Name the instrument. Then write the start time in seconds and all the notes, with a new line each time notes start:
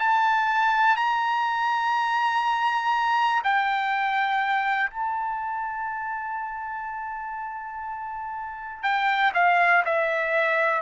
trumpet
0.00 A5
0.97 A#5
3.44 G5
4.90 A5
8.83 G5
9.35 F5
9.85 E5